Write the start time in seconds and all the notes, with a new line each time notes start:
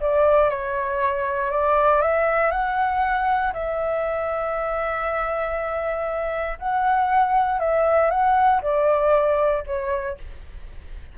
0.00 D5
0.49 C#5
1.50 D5
2.01 E5
2.51 F#5
3.53 E5
6.58 F#5
7.59 E5
8.10 F#5
8.61 D5
9.66 C#5